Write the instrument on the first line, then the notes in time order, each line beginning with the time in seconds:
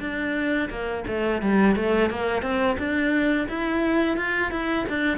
cello
0.00 D4
0.70 A#3
1.07 A3
1.42 G3
1.76 A3
2.10 A#3
2.42 C4
2.79 D4
3.49 E4
4.17 F4
4.51 E4
4.89 D4